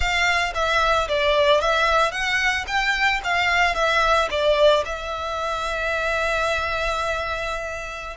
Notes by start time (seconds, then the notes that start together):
0.00 F5
0.54 E5
1.08 D5
1.60 E5
2.11 F#5
2.67 G5
3.23 F5
3.75 E5
4.30 D5
4.85 E5